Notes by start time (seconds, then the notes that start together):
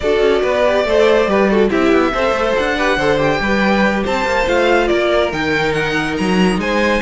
0.00 D4 F#4 A4 D5
0.20 C#4
0.41 B3 B4
0.65 G4
0.84 A3 A4 C5
1.26 G3 G4 B4
1.50 F#4 A4
1.69 C4 E4 G4 E5
1.91 B3
2.13 C4 A4 C5
2.31 A3
2.57 D4 F#5
2.76 G4 B4
2.96 D3 A4 C5
3.17 G4 G5
3.40 G3 B4
4.03 C4 C5 A5
4.25 A#3
4.46 A3 F4 F5
4.87 A#3 A#4 D5
5.32 D#3 D#4 G5
5.72 F#5
6.17 F#3 A#5
6.57 G#3 C5 G#5